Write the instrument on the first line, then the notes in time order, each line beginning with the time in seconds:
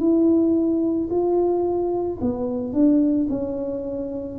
tuba
0.00 E4
1.11 F4
2.21 B3
2.74 D4
3.30 C#4